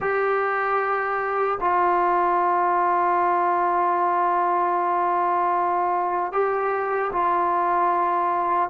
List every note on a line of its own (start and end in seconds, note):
0.00 1.58 G4
1.60 6.32 F4
6.32 7.11 G4
7.12 8.69 F4